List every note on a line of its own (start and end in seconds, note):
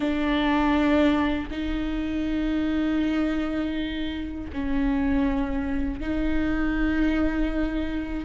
0.00 1.49 D4
1.50 4.50 D#4
4.52 6.00 C#4
6.00 8.24 D#4